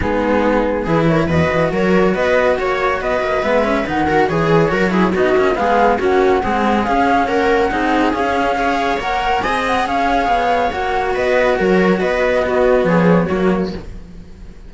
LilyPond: <<
  \new Staff \with { instrumentName = "flute" } { \time 4/4 \tempo 4 = 140 gis'2 b'8 cis''8 dis''4 | cis''4 dis''4 cis''4 dis''4 | e''4 fis''4 cis''2 | dis''4 f''4 fis''2 |
f''4 fis''2 f''4~ | f''4 fis''4 gis''8 fis''8 f''4~ | f''4 fis''4 dis''4 cis''4 | dis''2 cis''2 | }
  \new Staff \with { instrumentName = "viola" } { \time 4/4 dis'2 gis'8 ais'8 b'4 | ais'4 b'4 cis''4 b'4~ | b'4. ais'8 gis'4 ais'8 gis'8 | fis'4 gis'4 fis'4 gis'4~ |
gis'4 ais'4 gis'2 | cis''2 dis''4 cis''4~ | cis''2 b'4 ais'4 | b'4 fis'4 gis'4 fis'4 | }
  \new Staff \with { instrumentName = "cello" } { \time 4/4 b2 e'4 fis'4~ | fis'1 | b8 cis'8 dis'8 fis'8 gis'4 fis'8 e'8 | dis'8 cis'8 b4 cis'4 gis4 |
cis'2 dis'4 cis'4 | gis'4 ais'4 gis'2~ | gis'4 fis'2.~ | fis'4 b2 ais4 | }
  \new Staff \with { instrumentName = "cello" } { \time 4/4 gis2 e4 e,8 e8 | fis4 b4 ais4 b8 ais8 | gis4 dis4 e4 fis4 | b8 ais8 gis4 ais4 c'4 |
cis'4 ais4 c'4 cis'4~ | cis'4 ais4 c'4 cis'4 | b4 ais4 b4 fis4 | b2 f4 fis4 | }
>>